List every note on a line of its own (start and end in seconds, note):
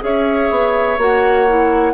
0.00 0.50 C#4
0.00 0.97 G#4
0.00 1.93 C#5
0.00 1.00 E5
0.50 0.97 B3
0.97 1.93 A#3
0.97 1.47 F#4
0.97 1.93 F#5
1.48 1.93 E4